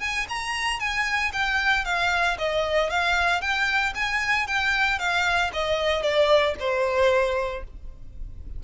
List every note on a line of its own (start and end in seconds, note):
0.00 0.26 G#5
0.29 0.79 A#5
0.79 1.31 G#5
1.33 1.85 G5
1.85 2.37 F5
2.38 2.90 D#5
2.90 3.41 F5
3.41 3.93 G5
3.95 4.47 G#5
4.47 4.98 G5
4.98 5.51 F5
5.53 6.02 D#5
6.02 6.55 D5
6.59 7.64 C5